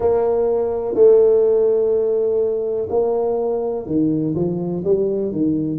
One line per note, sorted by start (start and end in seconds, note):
0.00 0.94 A#3
0.94 2.88 A3
2.89 3.85 A#3
3.85 4.34 D#3
4.35 4.83 F3
4.84 5.31 G3
5.31 5.78 D#3